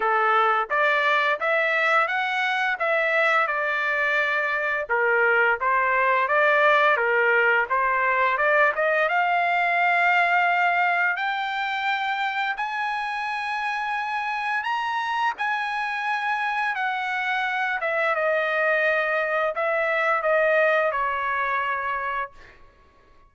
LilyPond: \new Staff \with { instrumentName = "trumpet" } { \time 4/4 \tempo 4 = 86 a'4 d''4 e''4 fis''4 | e''4 d''2 ais'4 | c''4 d''4 ais'4 c''4 | d''8 dis''8 f''2. |
g''2 gis''2~ | gis''4 ais''4 gis''2 | fis''4. e''8 dis''2 | e''4 dis''4 cis''2 | }